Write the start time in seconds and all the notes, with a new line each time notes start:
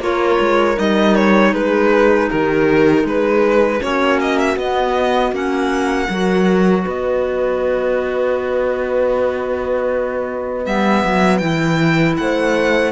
0.00 A#3 F4 A#4 C#5
0.40 G#3
0.75 G3 D#4 D#5
1.15 C#5
1.52 G#3 G#4 B4
2.29 D#3 G4 A#4
3.04 G#3 G#4 B4
3.81 A#3 C#4 F#4 C#5
4.21 D#5
4.38 E5
4.56 B3 D#5
5.32 A#3 C#4 F#5
6.09 F#3 F#4 A#4
6.84 B3 B4 D#5
10.65 G3 B3 E5
11.04 F#3
11.38 E3 E4 G5
12.17 A3 C5 F#5